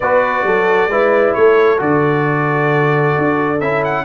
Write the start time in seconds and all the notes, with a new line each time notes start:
0.00 B3 F#4 B4 D5
0.43 F#3 A4
0.87 G#3 E4 B4
1.34 A3 A4 C#5
1.77 D3 F#4 D5
3.18 D4
3.60 C#4 E4 E5
3.84 F#5